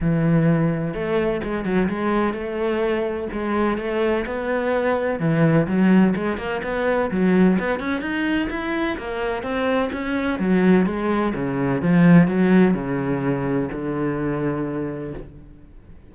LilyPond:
\new Staff \with { instrumentName = "cello" } { \time 4/4 \tempo 4 = 127 e2 a4 gis8 fis8 | gis4 a2 gis4 | a4 b2 e4 | fis4 gis8 ais8 b4 fis4 |
b8 cis'8 dis'4 e'4 ais4 | c'4 cis'4 fis4 gis4 | cis4 f4 fis4 cis4~ | cis4 d2. | }